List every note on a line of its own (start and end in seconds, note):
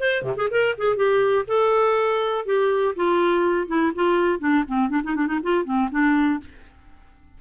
0.00 0.22 C5
0.22 0.35 C3
0.37 0.49 G#4
0.51 0.76 A#4
0.78 0.96 G#4
0.96 1.46 G4
1.48 2.45 A4
2.45 2.95 G4
2.96 3.68 F4
3.68 3.92 E4
3.95 4.40 F4
4.40 4.64 D4
4.68 4.89 C4
4.89 5.02 D4
5.04 5.15 D#4
5.15 5.27 D4
5.27 5.39 D#4
5.43 5.65 F4
5.65 5.89 C4
5.91 6.40 D4